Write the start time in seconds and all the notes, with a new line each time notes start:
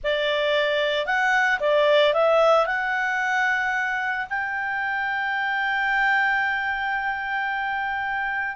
0.03 D5
1.06 F#5
1.60 D5
2.13 E5
2.66 F#5
4.29 G5